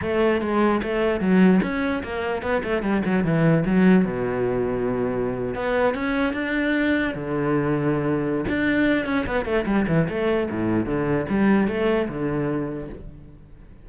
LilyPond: \new Staff \with { instrumentName = "cello" } { \time 4/4 \tempo 4 = 149 a4 gis4 a4 fis4 | cis'4 ais4 b8 a8 g8 fis8 | e4 fis4 b,2~ | b,4.~ b,16 b4 cis'4 d'16~ |
d'4.~ d'16 d2~ d16~ | d4 d'4. cis'8 b8 a8 | g8 e8 a4 a,4 d4 | g4 a4 d2 | }